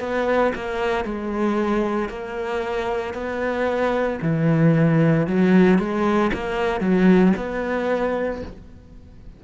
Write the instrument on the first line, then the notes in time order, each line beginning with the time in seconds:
cello
0.00 B3
0.56 A#3
1.05 G#3
2.09 A#3
3.14 B3
4.22 E3
5.27 F#3
5.79 G#3
6.33 A#3
6.81 F#3
7.37 B3